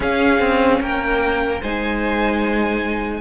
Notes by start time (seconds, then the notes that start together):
0.00 C#4 G#4 F5
0.39 C4
0.80 A#3 A#4 G5
1.61 G#3 D#4 C5 G#5